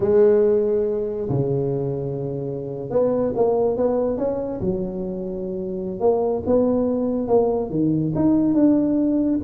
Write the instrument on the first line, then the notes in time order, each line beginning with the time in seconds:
tuba
0.00 G#3
1.29 C#3
2.89 B3
3.35 A#3
3.77 B3
4.17 C#4
4.60 F#3
6.00 A#3
6.46 B3
7.27 A#3
7.69 D#3
8.15 D#4
8.54 D4